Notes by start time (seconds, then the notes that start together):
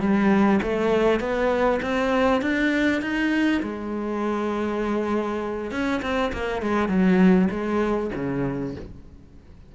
0.00 G3
0.62 A3
1.20 B3
1.82 C4
2.41 D4
3.02 D#4
3.62 G#3
5.71 C#4
6.02 C4
6.33 A#3
6.62 G#3
6.88 F#3
7.51 G#3
8.15 C#3